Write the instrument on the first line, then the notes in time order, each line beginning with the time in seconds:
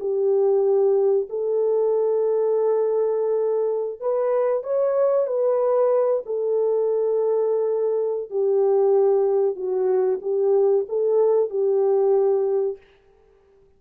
horn
0.00 G4
1.30 A4
4.01 B4
4.64 C#5
5.27 B4
6.26 A4
8.30 G4
9.56 F#4
10.22 G4
10.89 A4
11.50 G4